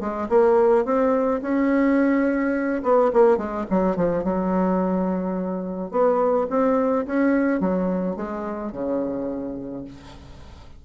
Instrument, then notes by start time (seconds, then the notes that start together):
bassoon
0.00 G#3
0.29 A#3
0.85 C4
1.42 C#4
2.83 B3
3.13 A#3
3.37 G#3
3.70 F#3
3.96 F3
4.24 F#3
5.91 B3
6.49 C4
7.06 C#4
7.60 F#3
8.16 G#3
8.72 C#3